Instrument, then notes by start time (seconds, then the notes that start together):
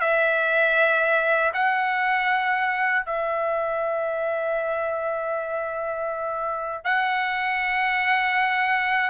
trumpet
0.00 E5
1.53 F#5
3.06 E5
6.84 F#5